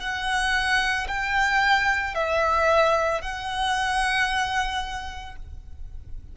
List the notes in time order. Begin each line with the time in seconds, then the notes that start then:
0.00 F#5
1.08 G5
2.15 E5
3.22 F#5